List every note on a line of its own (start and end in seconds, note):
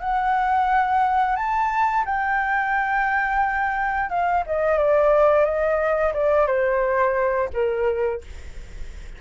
0.00 1.36 F#5
1.36 2.04 A5
2.05 4.10 G5
4.10 4.44 F5
4.46 4.78 D#5
4.78 5.45 D5
5.45 6.13 D#5
6.14 6.47 D5
6.47 7.49 C5
7.53 8.21 A#4